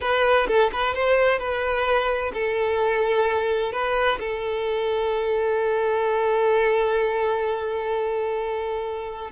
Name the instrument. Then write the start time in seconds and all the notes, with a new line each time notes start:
violin
0.00 B4
0.47 A4
0.72 B4
0.94 C5
1.38 B4
2.33 A4
3.72 B4
4.19 A4